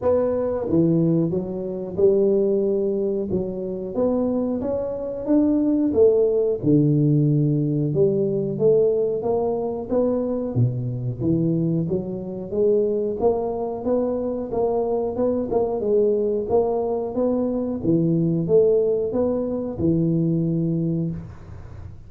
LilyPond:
\new Staff \with { instrumentName = "tuba" } { \time 4/4 \tempo 4 = 91 b4 e4 fis4 g4~ | g4 fis4 b4 cis'4 | d'4 a4 d2 | g4 a4 ais4 b4 |
b,4 e4 fis4 gis4 | ais4 b4 ais4 b8 ais8 | gis4 ais4 b4 e4 | a4 b4 e2 | }